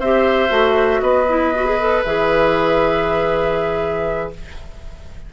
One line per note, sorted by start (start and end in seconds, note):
0.00 0.50 C4
0.00 0.50 G4
0.00 1.01 C5
0.00 1.01 E5
0.50 1.01 A3
0.50 1.25 F#4
1.01 2.03 B3
1.01 4.31 B4
1.01 2.02 D#5
1.29 1.54 E4
1.55 1.65 F#4
1.65 1.78 G#4
1.81 2.06 A4
2.04 4.33 E3
2.04 4.33 G#4
2.04 4.31 E5